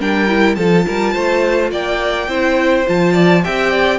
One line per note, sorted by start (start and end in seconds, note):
0.00 0.57 G3
0.00 0.28 D4
0.00 0.57 A#4
0.00 0.55 G5
0.28 0.57 E4
0.55 0.85 F3
0.55 2.28 F4
0.55 0.86 A4
0.55 1.70 A5
0.86 1.15 G3
0.86 1.14 A#4
1.14 1.71 A3
1.14 1.71 C5
1.71 2.28 A#3
1.71 2.29 D5
1.71 2.87 G5
2.28 2.85 C4
2.28 2.86 E4
2.28 3.14 C5
2.87 3.46 F3
2.87 3.43 F4
2.87 3.45 A5
3.14 3.42 D5
3.43 3.99 C4
3.43 3.99 G4
3.43 3.71 E5
3.43 3.99 G5
3.71 3.99 D5